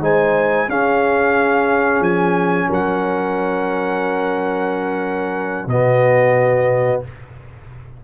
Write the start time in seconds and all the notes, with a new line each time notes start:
0.00 G#3 D#4 C5 G#5
0.68 C#4 G#4 F5
2.00 F3 G#5
2.68 F#3 A#4 F#5
5.66 B2 B3 F#4 D#5